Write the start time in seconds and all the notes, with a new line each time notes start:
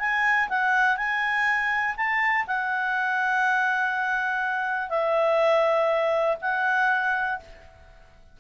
0.00 G#5
0.49 F#5
0.98 G#5
1.97 A5
2.48 F#5
4.90 E5
6.42 F#5